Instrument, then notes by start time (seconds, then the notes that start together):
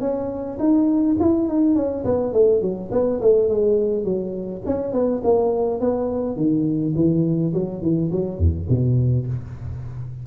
tuba
0.00 C#4
0.59 D#4
1.20 E4
1.48 D#4
1.75 C#4
2.04 B3
2.33 A3
2.61 F#3
2.91 B3
3.21 A3
3.49 G#3
4.04 F#3
4.66 C#4
4.92 B3
5.23 A#3
5.80 B3
6.36 D#3
6.95 E3
7.53 F#3
7.82 E3
8.12 F#3
8.38 E2
8.69 B2